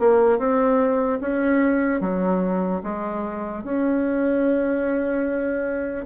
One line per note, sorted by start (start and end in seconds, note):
0.00 0.39 A#3
0.39 1.20 C4
1.21 2.01 C#4
2.01 2.82 F#3
2.83 3.64 G#3
3.64 6.06 C#4